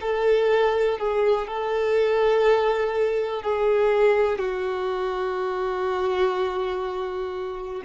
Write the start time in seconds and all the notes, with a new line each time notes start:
0.00 A4
0.98 G#4
1.47 A4
3.42 G#4
4.38 F#4